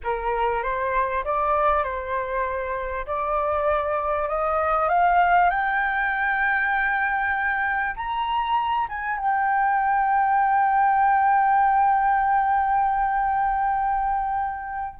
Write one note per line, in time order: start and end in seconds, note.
0.03 0.62 A#4
0.62 1.24 C5
1.24 1.83 D5
1.83 3.06 C5
3.06 4.28 D5
4.28 4.88 D#5
4.88 5.50 F5
5.50 7.95 G5
7.95 8.87 A#5
8.88 9.18 G#5
9.18 14.99 G5